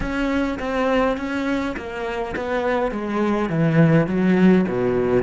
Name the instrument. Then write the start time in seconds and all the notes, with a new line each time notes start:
cello
0.00 C#4
0.59 C4
1.17 C#4
1.76 A#3
2.36 B3
2.91 G#3
3.49 E3
4.06 F#3
4.68 B2